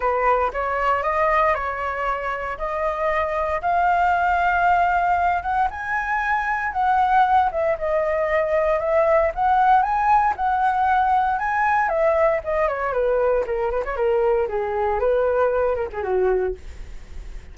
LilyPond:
\new Staff \with { instrumentName = "flute" } { \time 4/4 \tempo 4 = 116 b'4 cis''4 dis''4 cis''4~ | cis''4 dis''2 f''4~ | f''2~ f''8 fis''8 gis''4~ | gis''4 fis''4. e''8 dis''4~ |
dis''4 e''4 fis''4 gis''4 | fis''2 gis''4 e''4 | dis''8 cis''8 b'4 ais'8 b'16 cis''16 ais'4 | gis'4 b'4. ais'16 gis'16 fis'4 | }